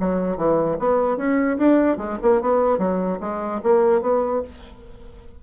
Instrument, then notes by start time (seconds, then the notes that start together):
bassoon
0.00 F#3
0.37 E3
0.79 B3
1.17 C#4
1.58 D4
1.97 G#3
2.22 A#3
2.42 B3
2.78 F#3
3.20 G#3
3.63 A#3
4.01 B3